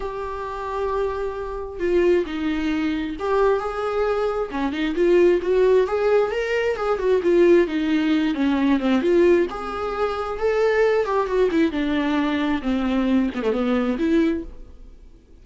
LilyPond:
\new Staff \with { instrumentName = "viola" } { \time 4/4 \tempo 4 = 133 g'1 | f'4 dis'2 g'4 | gis'2 cis'8 dis'8 f'4 | fis'4 gis'4 ais'4 gis'8 fis'8 |
f'4 dis'4. cis'4 c'8 | f'4 gis'2 a'4~ | a'8 g'8 fis'8 e'8 d'2 | c'4. b16 a16 b4 e'4 | }